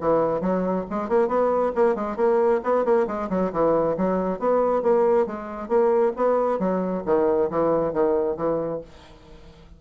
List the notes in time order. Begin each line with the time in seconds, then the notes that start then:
0.00 E3
0.40 F#3
0.90 G#3
1.08 A#3
1.28 B3
1.75 A#3
1.95 G#3
2.16 A#3
2.63 B3
2.84 A#3
3.07 G#3
3.29 F#3
3.52 E3
3.97 F#3
4.39 B3
4.82 A#3
5.26 G#3
5.68 A#3
6.16 B3
6.59 F#3
7.05 D#3
7.50 E3
7.93 D#3
8.36 E3